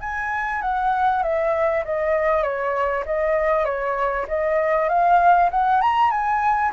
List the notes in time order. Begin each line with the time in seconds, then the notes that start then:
0.00 G#5
0.62 F#5
1.23 E5
1.85 D#5
2.43 C#5
3.05 D#5
3.65 C#5
4.28 D#5
4.88 F5
5.51 F#5
5.81 A#5
6.11 G#5